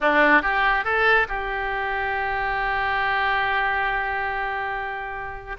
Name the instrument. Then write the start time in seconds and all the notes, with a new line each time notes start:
oboe
0.00 D4
0.42 G4
0.84 A4
1.28 G4